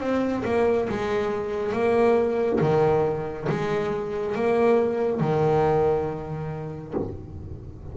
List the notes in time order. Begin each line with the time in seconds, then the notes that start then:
0.00 C4
0.45 A#3
0.89 G#3
1.72 A#3
2.61 D#3
3.49 G#3
4.35 A#3
5.20 D#3